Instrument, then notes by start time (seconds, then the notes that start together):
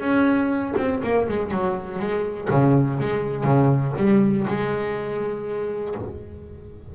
double bass
0.00 C#4
0.77 C4
1.03 A#3
1.28 G#3
1.51 F#3
1.99 G#3
2.50 C#3
3.00 G#3
3.44 C#3
3.97 G3
4.47 G#3